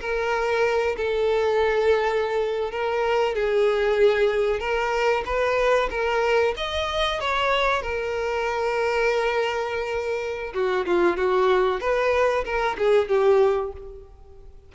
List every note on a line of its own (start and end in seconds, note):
0.00 0.96 A#4
0.96 2.71 A4
2.71 3.34 A#4
3.34 4.59 G#4
4.59 5.23 A#4
5.25 5.89 B4
5.90 6.54 A#4
6.57 7.20 D#5
7.20 7.82 C#5
7.82 10.53 A#4
10.53 10.85 F#4
10.85 11.16 F4
11.16 11.80 F#4
11.80 12.44 B4
12.44 12.76 A#4
12.77 13.08 G#4
13.08 13.72 G4